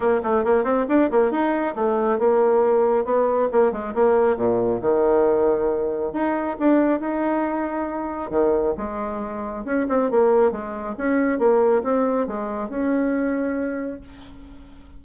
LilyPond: \new Staff \with { instrumentName = "bassoon" } { \time 4/4 \tempo 4 = 137 ais8 a8 ais8 c'8 d'8 ais8 dis'4 | a4 ais2 b4 | ais8 gis8 ais4 ais,4 dis4~ | dis2 dis'4 d'4 |
dis'2. dis4 | gis2 cis'8 c'8 ais4 | gis4 cis'4 ais4 c'4 | gis4 cis'2. | }